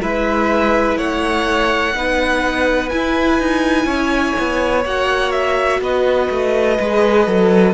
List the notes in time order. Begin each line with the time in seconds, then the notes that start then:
0.00 G#3 E4 B4 E5
0.97 A3 C#5 F#5
1.94 B3 D#4 B4
2.89 E4 G#5
3.39 D#4
3.84 C#4 C#5
4.39 B3
4.85 A#3 F#4 F#5
5.31 E5
5.80 B3 B4 D#5
6.30 A3
6.80 G#3 G#4
7.26 F#3 A4